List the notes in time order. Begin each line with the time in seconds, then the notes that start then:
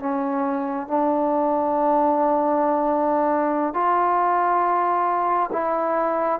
0.00 C#4
0.88 D4
3.74 F4
5.52 E4